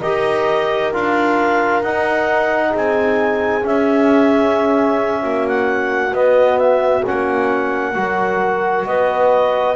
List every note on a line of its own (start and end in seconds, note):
0.00 0.93 D#4
0.00 0.93 G4
0.00 2.70 A#4
0.00 0.92 D#5
0.93 1.82 D4
0.93 1.84 F4
0.93 1.83 F5
1.82 2.73 D#4
1.82 3.61 D#4
1.82 2.73 F#5
2.70 3.65 C4
2.70 5.20 G#4
2.77 3.66 G#5
3.61 6.11 C#4
3.61 5.23 C#4
3.61 5.48 E5
5.22 6.13 A#3
5.22 7.95 F#4
5.48 6.15 F#5
6.13 7.04 B3
6.13 6.58 D#5
6.58 7.03 E5
7.06 7.95 A#3
7.06 7.95 C#4
7.06 8.87 F#5
7.95 8.86 F#3
7.95 9.76 F#4
7.95 8.88 A#4
8.86 9.76 B3
8.86 9.76 B4
8.86 9.76 D#5